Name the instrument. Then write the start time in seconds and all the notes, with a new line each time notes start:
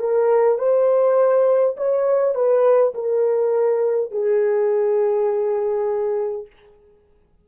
horn
0.00 A#4
0.59 C5
1.77 C#5
2.35 B4
2.95 A#4
4.12 G#4